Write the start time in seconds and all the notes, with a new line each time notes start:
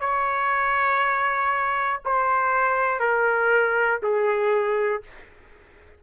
0.00 C#5
2.05 C5
3.00 A#4
4.02 G#4